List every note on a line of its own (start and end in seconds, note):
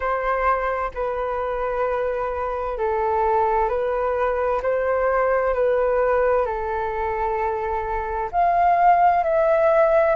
0.00 0.91 C5
0.94 2.77 B4
2.77 3.68 A4
3.68 4.61 B4
4.62 5.54 C5
5.54 6.45 B4
6.45 8.30 A4
8.31 9.23 F5
9.23 10.15 E5